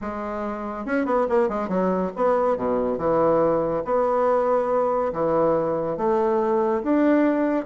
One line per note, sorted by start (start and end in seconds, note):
0.01 0.85 G#3
0.85 1.05 C#4
1.05 1.26 B3
1.29 1.48 A#3
1.48 1.68 G#3
1.68 2.11 F#3
2.15 2.56 B3
2.56 2.98 B2
2.98 3.83 E3
3.85 5.12 B3
5.13 5.97 E3
5.97 6.82 A3
6.83 7.65 D4